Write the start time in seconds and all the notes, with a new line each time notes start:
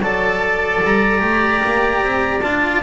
0.00 F#3 A4 D5 A5
0.83 G3 A#5
1.19 A3 G4
1.64 A#3
2.03 C4
2.42 D4 F4 A5